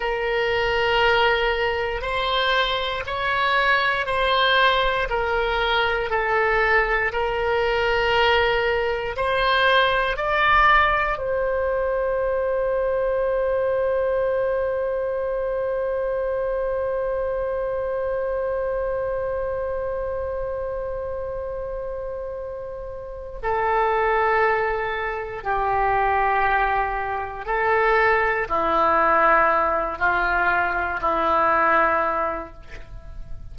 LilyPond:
\new Staff \with { instrumentName = "oboe" } { \time 4/4 \tempo 4 = 59 ais'2 c''4 cis''4 | c''4 ais'4 a'4 ais'4~ | ais'4 c''4 d''4 c''4~ | c''1~ |
c''1~ | c''2. a'4~ | a'4 g'2 a'4 | e'4. f'4 e'4. | }